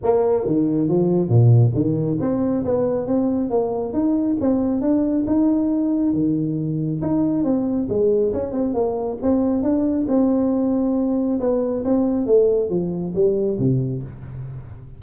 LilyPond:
\new Staff \with { instrumentName = "tuba" } { \time 4/4 \tempo 4 = 137 ais4 dis4 f4 ais,4 | dis4 c'4 b4 c'4 | ais4 dis'4 c'4 d'4 | dis'2 dis2 |
dis'4 c'4 gis4 cis'8 c'8 | ais4 c'4 d'4 c'4~ | c'2 b4 c'4 | a4 f4 g4 c4 | }